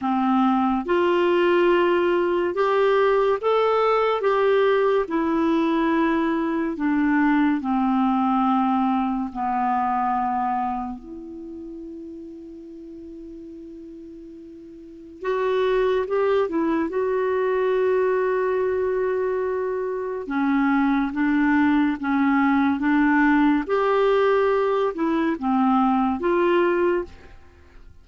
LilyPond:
\new Staff \with { instrumentName = "clarinet" } { \time 4/4 \tempo 4 = 71 c'4 f'2 g'4 | a'4 g'4 e'2 | d'4 c'2 b4~ | b4 e'2.~ |
e'2 fis'4 g'8 e'8 | fis'1 | cis'4 d'4 cis'4 d'4 | g'4. e'8 c'4 f'4 | }